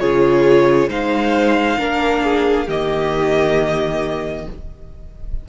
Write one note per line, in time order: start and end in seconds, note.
0.00 0.88 C#3
0.00 0.89 F4
0.00 0.89 G#4
0.00 0.90 C#5
0.88 1.78 G#3
0.88 1.78 D#4
0.88 1.79 C5
0.88 2.70 F5
1.78 2.68 A#3
1.78 2.68 D4
1.78 2.23 A#4
2.24 2.68 G#4
2.68 4.47 D#3
2.68 4.47 A#3
2.68 4.47 G4
2.68 4.49 D#5